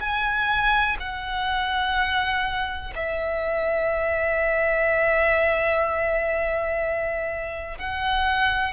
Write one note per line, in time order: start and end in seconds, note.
0.00 0.97 G#5
0.99 2.93 F#5
2.95 7.78 E5
7.78 8.73 F#5